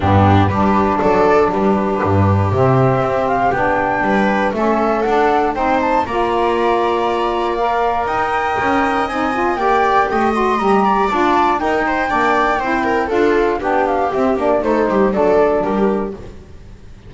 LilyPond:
<<
  \new Staff \with { instrumentName = "flute" } { \time 4/4 \tempo 4 = 119 g'4 b'4 d''4 b'4~ | b'4 e''4. f''8 g''4~ | g''4 e''4 fis''4 g''8 a''8 | ais''2. f''4 |
g''2 gis''4 g''4~ | g''8 c'''8 ais''4 a''4 g''4~ | g''2 f''4 g''8 f''8 | e''8 d''8 c''4 d''4 ais'4 | }
  \new Staff \with { instrumentName = "viola" } { \time 4/4 d'4 g'4 a'4 g'4~ | g'1 | b'4 a'2 c''4 | d''1 |
dis''2. d''4 | dis''4. d''4. ais'8 c''8 | d''4 c''8 ais'8 a'4 g'4~ | g'4 a'8 g'8 a'4 g'4 | }
  \new Staff \with { instrumentName = "saxophone" } { \time 4/4 b4 d'2.~ | d'4 c'2 d'4~ | d'4 cis'4 d'4 dis'4 | f'2. ais'4~ |
ais'2 dis'8 f'8 g'4~ | g'8 fis'8 g'4 f'4 dis'4 | d'4 e'4 f'4 d'4 | c'8 d'8 dis'4 d'2 | }
  \new Staff \with { instrumentName = "double bass" } { \time 4/4 g,4 g4 fis4 g4 | g,4 c4 c'4 b4 | g4 a4 d'4 c'4 | ais1 |
dis'4 cis'4 c'4 ais4 | a4 g4 d'4 dis'4 | ais4 c'4 d'4 b4 | c'8 ais8 a8 g8 fis4 g4 | }
>>